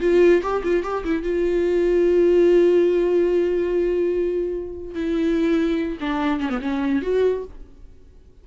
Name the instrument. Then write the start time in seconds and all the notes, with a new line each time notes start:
viola
0.00 F4
0.42 G4
0.63 F4
0.83 G4
1.04 E4
1.22 F4
4.94 E4
6.00 D4
6.40 C#4
6.49 B3
6.61 C#4
7.02 F#4